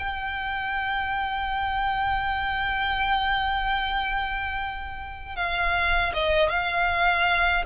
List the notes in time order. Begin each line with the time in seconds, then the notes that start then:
0.00 G5
5.36 F5
6.14 D#5
6.50 F5